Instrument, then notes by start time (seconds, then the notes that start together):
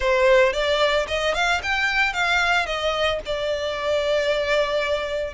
violin
0.00 C5
0.53 D5
1.07 D#5
1.34 F5
1.62 G5
2.13 F5
2.65 D#5
3.25 D5